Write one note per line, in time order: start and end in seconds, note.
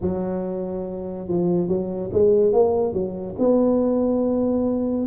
0.01 1.28 F#3
1.28 1.68 F3
1.68 2.10 F#3
2.12 2.52 G#3
2.52 2.93 A#3
2.93 3.35 F#3
3.38 5.06 B3